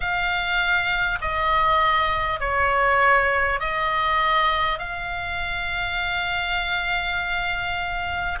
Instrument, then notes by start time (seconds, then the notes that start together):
oboe
0.00 F5
1.21 D#5
2.40 C#5
3.60 D#5
4.78 F5